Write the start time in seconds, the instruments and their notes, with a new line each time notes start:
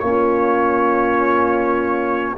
0.00 tuba A#3, trombone C#4, horn F4, trumpet C#5